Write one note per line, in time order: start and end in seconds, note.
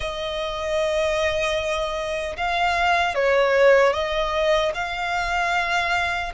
0.00 2.36 D#5
2.36 3.14 F5
3.14 3.93 C#5
3.93 4.72 D#5
4.74 6.32 F5